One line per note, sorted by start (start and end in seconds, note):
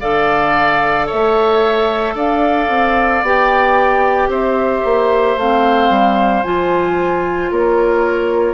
0.00 1.09 D3
0.00 3.23 A4
0.00 1.06 D5
0.00 1.07 F5
1.06 2.15 A3
1.06 2.14 C#5
1.06 2.16 E5
2.15 2.68 D4
2.15 4.29 D5
2.15 3.23 F5
2.68 3.22 C4
3.22 4.28 B3
3.22 5.39 G4
3.22 4.31 G5
4.28 4.81 C4
4.28 7.51 C5
4.28 5.38 E5
4.84 5.36 A#3
5.36 5.90 A3
5.36 6.44 C4
5.36 6.43 F5
5.90 6.43 G3
6.43 7.51 F3
6.43 8.54 F4
6.43 7.50 G#5
7.51 8.54 A#3
7.51 8.54 A#4
7.51 8.54 C#5